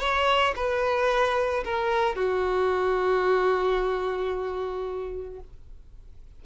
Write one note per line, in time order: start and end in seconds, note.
0.00 0.54 C#5
0.56 1.64 B4
1.65 2.16 A#4
2.16 5.40 F#4